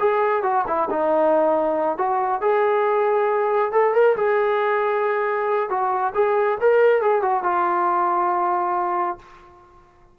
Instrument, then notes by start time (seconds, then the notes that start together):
trombone
0.00 G#4
0.43 F#4
0.67 E4
0.90 D#4
1.98 F#4
2.42 G#4
3.72 A4
3.94 A#4
4.16 G#4
5.70 F#4
6.15 G#4
6.61 A#4
7.02 G#4
7.22 F#4
7.44 F4